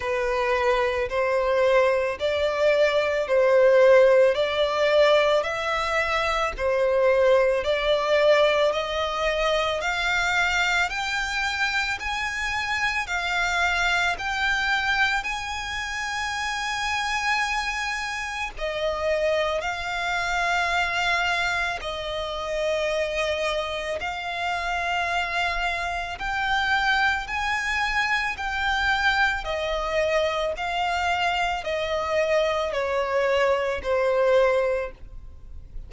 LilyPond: \new Staff \with { instrumentName = "violin" } { \time 4/4 \tempo 4 = 55 b'4 c''4 d''4 c''4 | d''4 e''4 c''4 d''4 | dis''4 f''4 g''4 gis''4 | f''4 g''4 gis''2~ |
gis''4 dis''4 f''2 | dis''2 f''2 | g''4 gis''4 g''4 dis''4 | f''4 dis''4 cis''4 c''4 | }